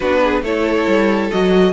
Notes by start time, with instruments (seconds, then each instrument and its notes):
0.00 cello B3, viola D4, violin F#4 B4
0.23 violin G#4
0.42 cello A3, viola E4, violin A4 C#5
0.87 cello G3
1.30 cello F#3, viola F#4, violin D#5